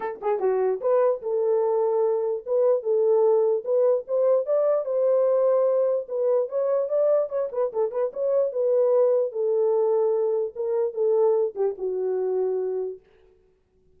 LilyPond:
\new Staff \with { instrumentName = "horn" } { \time 4/4 \tempo 4 = 148 a'8 gis'8 fis'4 b'4 a'4~ | a'2 b'4 a'4~ | a'4 b'4 c''4 d''4 | c''2. b'4 |
cis''4 d''4 cis''8 b'8 a'8 b'8 | cis''4 b'2 a'4~ | a'2 ais'4 a'4~ | a'8 g'8 fis'2. | }